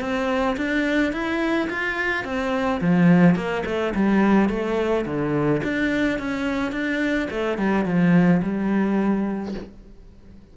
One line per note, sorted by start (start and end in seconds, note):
0.00 0.56 C4
0.57 1.12 D4
1.12 1.68 E4
1.69 2.24 F4
2.24 2.80 C4
2.80 3.35 F3
3.35 3.63 A#3
3.65 3.93 A3
3.94 4.49 G3
4.49 5.05 A3
5.05 5.62 D3
5.64 6.19 D4
6.19 6.72 C#4
6.72 7.28 D4
7.30 7.58 A3
7.58 7.85 G3
7.85 8.41 F3
8.42 9.54 G3